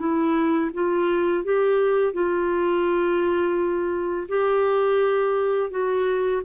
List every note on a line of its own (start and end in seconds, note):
0.00 0.71 E4
0.74 1.44 F4
1.44 2.14 G4
2.14 4.28 F4
4.29 5.71 G4
5.71 6.43 F#4